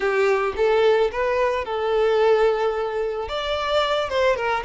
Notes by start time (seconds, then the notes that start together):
0.00 G4
0.56 A4
1.11 B4
1.65 A4
3.28 D5
4.09 C5
4.36 A#4